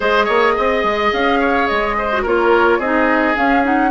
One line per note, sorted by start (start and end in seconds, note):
0.00 0.28 G#3
0.00 2.10 G#4
0.00 0.24 C5
0.00 1.12 D#5
0.24 0.56 A#3
0.24 0.52 C#5
0.56 0.83 C4
0.56 1.39 D#5
0.83 1.11 G#3
1.12 1.69 C#4
1.12 1.67 F5
1.39 1.96 C#5
1.67 2.25 G#3
1.67 2.23 D#5
1.98 2.22 C5
2.12 2.26 F#4
2.22 2.78 A#3
2.22 2.82 F4
2.22 2.78 A#4
2.22 2.80 C#5
2.78 3.34 C4
2.78 3.34 D#4
2.78 3.90 G#4
2.78 3.36 D#5
3.34 3.62 C#4
3.34 3.90 C#4
3.34 3.64 F5
3.63 3.90 D#4
3.63 3.90 F#5